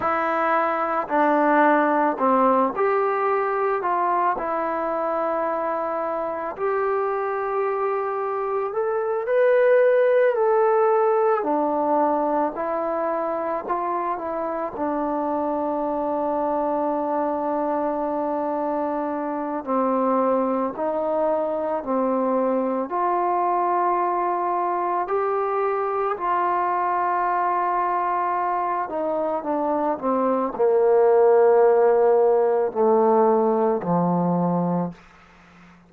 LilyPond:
\new Staff \with { instrumentName = "trombone" } { \time 4/4 \tempo 4 = 55 e'4 d'4 c'8 g'4 f'8 | e'2 g'2 | a'8 b'4 a'4 d'4 e'8~ | e'8 f'8 e'8 d'2~ d'8~ |
d'2 c'4 dis'4 | c'4 f'2 g'4 | f'2~ f'8 dis'8 d'8 c'8 | ais2 a4 f4 | }